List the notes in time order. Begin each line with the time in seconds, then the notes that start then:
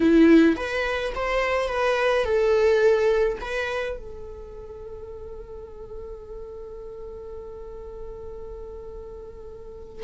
0.00 E4
0.56 B4
1.15 C5
1.68 B4
2.25 A4
3.40 B4
3.97 A4